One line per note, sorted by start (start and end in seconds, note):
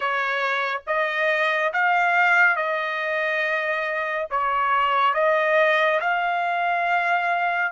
0.00 0.81 C#5
0.86 1.72 D#5
1.73 2.56 F5
2.56 4.27 D#5
4.30 5.14 C#5
5.14 6.00 D#5
6.00 7.71 F5